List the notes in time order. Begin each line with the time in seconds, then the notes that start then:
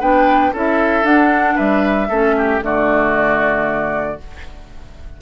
0.00 B3 D4 B4 G5
0.53 C#4 E4 A4 E5
1.03 D4 F#5
1.55 G3 B4 E5
2.09 A3 C#4 A4
2.38 G4
2.61 D3 A3 F#4 D5